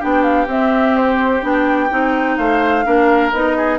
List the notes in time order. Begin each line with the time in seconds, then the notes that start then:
0.00 B3 D4 G4 G5
0.23 F5
0.47 C4 E5
0.97 C5
1.42 B3 D4 G5
1.91 C4 D#4
2.37 A3 C5 F5
2.85 A#3 D4 A#4
3.33 B3 D#4 D#5
3.57 G#4